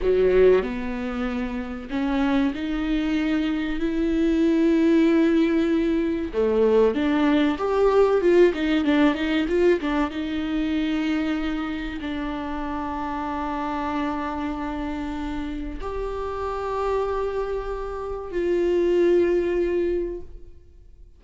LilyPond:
\new Staff \with { instrumentName = "viola" } { \time 4/4 \tempo 4 = 95 fis4 b2 cis'4 | dis'2 e'2~ | e'2 a4 d'4 | g'4 f'8 dis'8 d'8 dis'8 f'8 d'8 |
dis'2. d'4~ | d'1~ | d'4 g'2.~ | g'4 f'2. | }